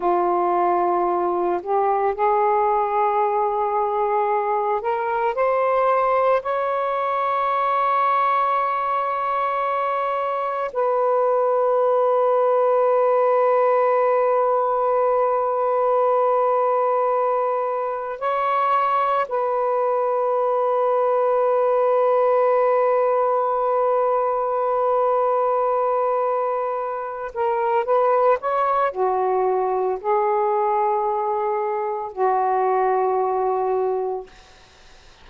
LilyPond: \new Staff \with { instrumentName = "saxophone" } { \time 4/4 \tempo 4 = 56 f'4. g'8 gis'2~ | gis'8 ais'8 c''4 cis''2~ | cis''2 b'2~ | b'1~ |
b'4 cis''4 b'2~ | b'1~ | b'4. ais'8 b'8 cis''8 fis'4 | gis'2 fis'2 | }